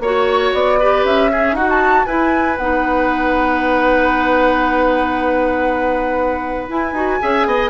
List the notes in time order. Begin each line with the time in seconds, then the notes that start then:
0.00 A#3 F#4 C#5
0.54 B3 D5
0.80 G4 B4
1.04 C#4 E5
1.31 C#4 G#4
1.52 D#4 F#4 F#5
1.70 A5
2.06 E4 B4 G#5
2.57 B3 D#4 F#5
6.69 E4 G#5
6.92 D#4 F#4
7.20 C#4 G#4 E5
7.46 B3 D#5